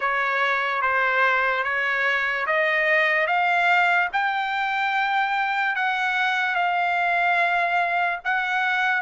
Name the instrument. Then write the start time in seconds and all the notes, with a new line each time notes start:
trumpet
0.00 C#5
0.81 C5
1.63 C#5
2.46 D#5
3.27 F5
4.12 G5
5.75 F#5
6.55 F5
8.24 F#5